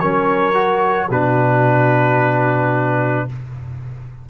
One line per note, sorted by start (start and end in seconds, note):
0.00 1.10 F#3
0.00 0.54 C#4
0.00 1.08 A#4
0.00 1.09 C#5
0.54 1.09 F#4
1.08 3.28 B2
1.08 3.29 D4
1.08 3.26 F#4
1.08 3.30 B4